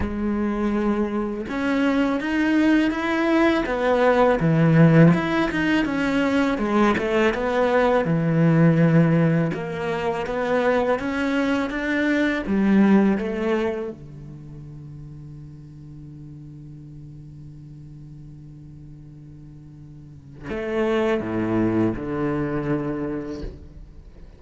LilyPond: \new Staff \with { instrumentName = "cello" } { \time 4/4 \tempo 4 = 82 gis2 cis'4 dis'4 | e'4 b4 e4 e'8 dis'8 | cis'4 gis8 a8 b4 e4~ | e4 ais4 b4 cis'4 |
d'4 g4 a4 d4~ | d1~ | d1 | a4 a,4 d2 | }